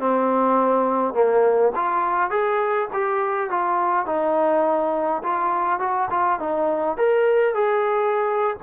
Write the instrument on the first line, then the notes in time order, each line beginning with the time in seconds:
trombone
0.00 C4
1.14 A#3
1.75 F4
2.31 G#4
2.93 G4
3.50 F4
4.06 D#4
5.23 F4
5.80 F#4
6.11 F4
6.40 D#4
6.97 A#4
7.55 G#4